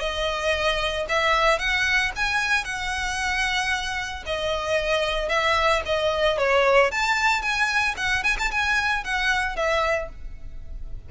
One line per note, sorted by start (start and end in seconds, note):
0.00 1.06 D#5
1.09 1.59 E5
1.59 2.12 F#5
2.16 2.65 G#5
2.65 4.24 F#5
4.26 5.29 D#5
5.29 5.82 E5
5.86 6.38 D#5
6.38 6.91 C#5
6.91 7.42 A5
7.42 7.95 G#5
7.97 8.23 F#5
8.23 8.37 G#5
8.39 8.51 A5
8.51 9.04 G#5
9.04 9.56 F#5
9.56 10.09 E5